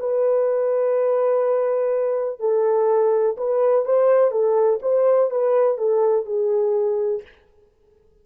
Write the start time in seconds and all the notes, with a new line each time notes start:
0.00 B4
2.39 A4
3.37 B4
3.85 C5
4.31 A4
4.82 C5
5.30 B4
5.78 A4
6.26 G#4